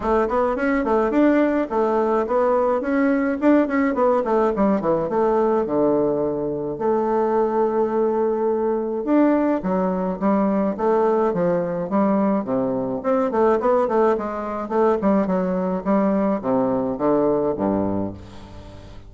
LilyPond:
\new Staff \with { instrumentName = "bassoon" } { \time 4/4 \tempo 4 = 106 a8 b8 cis'8 a8 d'4 a4 | b4 cis'4 d'8 cis'8 b8 a8 | g8 e8 a4 d2 | a1 |
d'4 fis4 g4 a4 | f4 g4 c4 c'8 a8 | b8 a8 gis4 a8 g8 fis4 | g4 c4 d4 g,4 | }